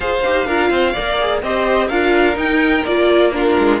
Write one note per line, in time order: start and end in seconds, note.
0.00 0.22 F4
0.00 0.24 G#4
0.00 0.46 C5
0.00 1.42 F5
0.24 0.46 D#4
0.24 0.48 G4
0.46 0.70 D4
0.46 0.95 F4
0.46 0.70 A#4
0.70 0.94 C4
0.70 0.92 C5
0.92 1.42 A#3
0.92 1.19 A#4
0.92 1.40 D5
1.19 1.43 G#4
1.42 1.89 C4
1.42 1.91 G4
1.42 1.87 C5
1.42 1.88 D#5
1.87 2.37 D4
1.87 2.34 F4
1.87 3.30 A#4
1.87 2.36 F5
2.34 2.82 D#4
2.34 2.84 D#4
2.34 2.85 G5
2.85 3.57 A#3
2.85 3.32 F4
2.85 3.32 D5
3.32 3.79 D4
3.32 3.80 F4
3.32 3.79 A#4
3.58 3.80 G#3